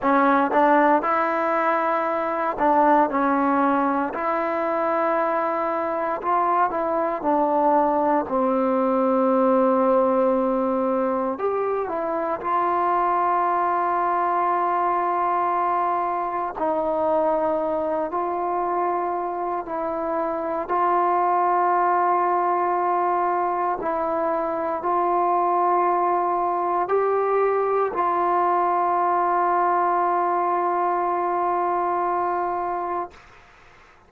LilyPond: \new Staff \with { instrumentName = "trombone" } { \time 4/4 \tempo 4 = 58 cis'8 d'8 e'4. d'8 cis'4 | e'2 f'8 e'8 d'4 | c'2. g'8 e'8 | f'1 |
dis'4. f'4. e'4 | f'2. e'4 | f'2 g'4 f'4~ | f'1 | }